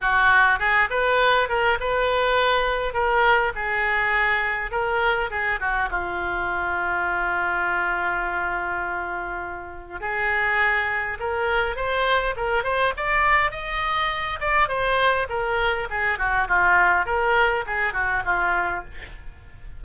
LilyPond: \new Staff \with { instrumentName = "oboe" } { \time 4/4 \tempo 4 = 102 fis'4 gis'8 b'4 ais'8 b'4~ | b'4 ais'4 gis'2 | ais'4 gis'8 fis'8 f'2~ | f'1~ |
f'4 gis'2 ais'4 | c''4 ais'8 c''8 d''4 dis''4~ | dis''8 d''8 c''4 ais'4 gis'8 fis'8 | f'4 ais'4 gis'8 fis'8 f'4 | }